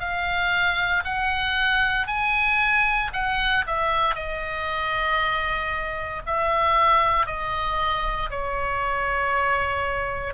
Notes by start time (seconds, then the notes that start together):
0.00 F5
1.05 F#5
2.07 G#5
3.14 F#5
3.67 E5
4.16 D#5
6.26 E5
7.26 D#5
8.30 C#5